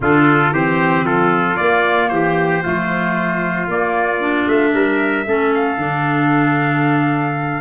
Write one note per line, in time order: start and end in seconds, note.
0.00 0.51 D3
0.00 0.53 D4
0.00 0.53 F4
0.00 0.54 A4
0.51 1.04 E3
0.51 1.58 C4
0.51 1.05 G4
0.51 1.06 C5
1.04 1.56 F3
1.04 2.11 F4
1.04 1.56 A4
1.56 2.63 A#3
1.56 2.11 A#3
1.56 2.08 D5
2.08 2.63 E3
2.08 2.62 G4
2.08 3.66 C5
2.62 3.67 F3
2.62 3.68 A3
2.62 4.73 F4
3.67 4.46 A#3
3.67 4.20 A#3
3.67 4.48 D5
4.20 5.25 D4
4.47 4.73 A3
4.47 5.53 E5
4.73 5.26 G3
4.73 5.26 A#4
5.26 5.78 A3
5.26 5.78 C#4
5.26 7.61 A4
5.54 7.61 F5
5.78 7.61 D3
5.78 7.61 D4